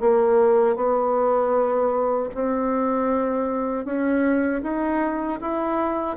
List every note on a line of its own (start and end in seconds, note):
0.00 0.76 A#3
0.76 2.30 B3
2.35 3.85 C4
3.85 4.62 C#4
4.63 5.40 D#4
5.41 6.17 E4